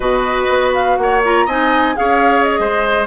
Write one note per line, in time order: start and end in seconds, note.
0.00 0.48 B2
0.00 1.22 F#4
0.00 0.97 B4
0.00 0.73 D#5
0.49 0.98 B3
0.73 0.96 F5
0.96 1.47 A#3
0.96 1.45 C#5
0.96 1.21 F#5
1.23 1.48 F4
1.23 1.49 A#5
1.45 1.96 C4
1.45 1.95 D#4
1.45 1.94 D#5
1.45 1.96 G#5
1.95 2.59 C#4
1.95 3.05 G#4
1.95 2.60 C#5
1.95 2.43 F5
2.43 3.05 D#5
2.59 3.06 G#3
2.59 3.06 C5